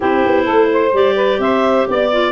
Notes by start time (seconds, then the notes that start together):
0.00 C4 E4 G4 C5
0.25 B3
0.44 A3 A4
0.72 C5
0.93 G3 G4 D5
1.15 B4
1.38 C4 C5 E5
1.88 B3 D5
2.11 F4